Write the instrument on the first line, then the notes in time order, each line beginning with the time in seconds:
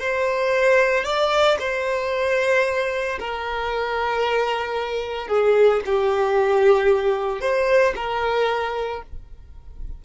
violin
0.00 C5
1.05 D5
1.60 C5
3.20 A#4
5.28 G#4
5.86 G4
7.41 C5
7.96 A#4